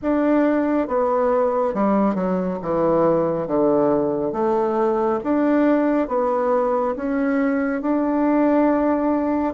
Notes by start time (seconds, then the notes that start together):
0.02 D4
0.87 B3
1.74 G3
2.15 F#3
2.62 E3
3.47 D3
4.32 A3
5.23 D4
6.08 B3
6.96 C#4
7.81 D4